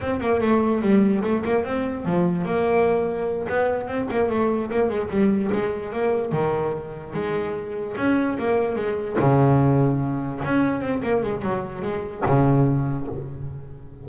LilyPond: \new Staff \with { instrumentName = "double bass" } { \time 4/4 \tempo 4 = 147 c'8 ais8 a4 g4 a8 ais8 | c'4 f4 ais2~ | ais8 b4 c'8 ais8 a4 ais8 | gis8 g4 gis4 ais4 dis8~ |
dis4. gis2 cis'8~ | cis'8 ais4 gis4 cis4.~ | cis4. cis'4 c'8 ais8 gis8 | fis4 gis4 cis2 | }